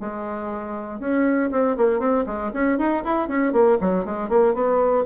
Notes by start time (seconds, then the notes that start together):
0.00 G#3
1.00 C#4
1.51 C4
1.77 A#3
1.99 C4
2.26 G#3
2.53 C#4
2.78 D#4
3.04 E4
3.28 C#4
3.52 A#3
3.81 F#3
4.05 G#3
4.29 A#3
4.54 B3